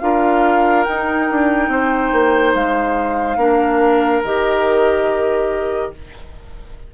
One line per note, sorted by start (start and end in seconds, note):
0.00 0.86 D4
0.00 0.86 F4
0.00 1.70 A#4
0.00 0.84 F5
0.84 1.30 D#4
0.84 3.38 D#4
0.84 2.53 G5
1.30 1.68 D4
1.68 2.10 C4
1.68 3.38 C5
2.12 2.54 A#3
2.54 3.36 G#3
2.54 4.23 F5
3.36 4.21 A#3
3.36 4.23 D4
3.36 5.92 A#4
4.24 5.93 D#3
4.24 5.94 G4
4.24 5.93 D#5